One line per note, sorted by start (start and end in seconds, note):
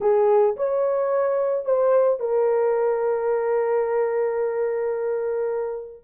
0.01 0.56 G#4
0.56 1.65 C#5
1.65 2.19 C5
2.19 6.04 A#4